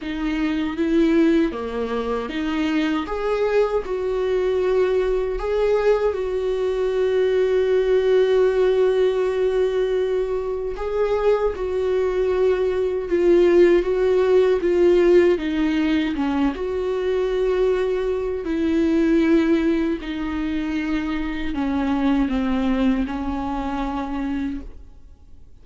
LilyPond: \new Staff \with { instrumentName = "viola" } { \time 4/4 \tempo 4 = 78 dis'4 e'4 ais4 dis'4 | gis'4 fis'2 gis'4 | fis'1~ | fis'2 gis'4 fis'4~ |
fis'4 f'4 fis'4 f'4 | dis'4 cis'8 fis'2~ fis'8 | e'2 dis'2 | cis'4 c'4 cis'2 | }